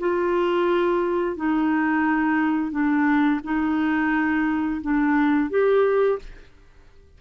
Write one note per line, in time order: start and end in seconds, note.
0.00 1.36 F4
1.36 2.71 D#4
2.71 3.40 D4
3.44 4.82 D#4
4.82 5.50 D4
5.50 6.19 G4